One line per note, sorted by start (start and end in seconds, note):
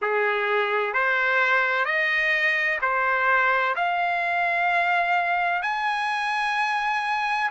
0.01 0.93 G#4
0.93 1.85 C5
1.85 2.79 D#5
2.81 3.75 C5
3.75 5.62 F5
5.62 7.50 G#5